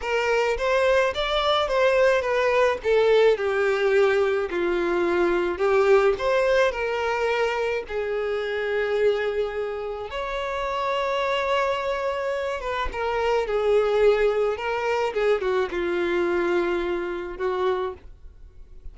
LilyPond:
\new Staff \with { instrumentName = "violin" } { \time 4/4 \tempo 4 = 107 ais'4 c''4 d''4 c''4 | b'4 a'4 g'2 | f'2 g'4 c''4 | ais'2 gis'2~ |
gis'2 cis''2~ | cis''2~ cis''8 b'8 ais'4 | gis'2 ais'4 gis'8 fis'8 | f'2. fis'4 | }